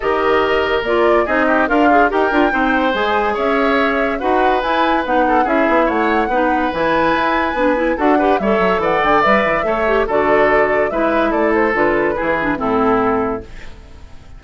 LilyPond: <<
  \new Staff \with { instrumentName = "flute" } { \time 4/4 \tempo 4 = 143 dis''2 d''4 dis''4 | f''4 g''2 gis''4 | e''2 fis''4 gis''4 | fis''4 e''4 fis''2 |
gis''2. fis''4 | e''4 fis''8 g''8 e''2 | d''2 e''4 d''8 c''8 | b'2 a'2 | }
  \new Staff \with { instrumentName = "oboe" } { \time 4/4 ais'2. gis'8 g'8 | f'4 ais'4 c''2 | cis''2 b'2~ | b'8 a'8 gis'4 cis''4 b'4~ |
b'2. a'8 b'8 | cis''4 d''2 cis''4 | a'2 b'4 a'4~ | a'4 gis'4 e'2 | }
  \new Staff \with { instrumentName = "clarinet" } { \time 4/4 g'2 f'4 dis'4 | ais'8 gis'8 g'8 f'8 dis'4 gis'4~ | gis'2 fis'4 e'4 | dis'4 e'2 dis'4 |
e'2 d'8 e'8 fis'8 g'8 | a'2 b'4 a'8 g'8 | fis'2 e'2 | f'4 e'8 d'8 c'2 | }
  \new Staff \with { instrumentName = "bassoon" } { \time 4/4 dis2 ais4 c'4 | d'4 dis'8 d'8 c'4 gis4 | cis'2 dis'4 e'4 | b4 cis'8 b8 a4 b4 |
e4 e'4 b4 d'4 | g8 fis8 e8 d8 g8 e8 a4 | d2 gis4 a4 | d4 e4 a,2 | }
>>